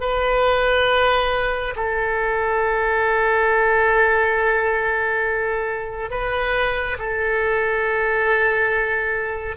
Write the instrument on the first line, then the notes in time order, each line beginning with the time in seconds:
oboe
0.00 B4
1.75 A4
6.10 B4
6.98 A4